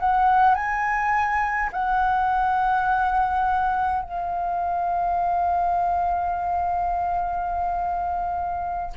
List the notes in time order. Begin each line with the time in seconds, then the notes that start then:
0.00 F#5
0.55 G#5
1.73 F#5
4.03 F5